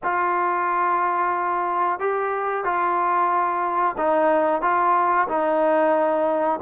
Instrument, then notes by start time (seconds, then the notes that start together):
trombone
0.03 F4
1.99 G4
2.64 F4
3.97 D#4
4.61 F4
5.28 D#4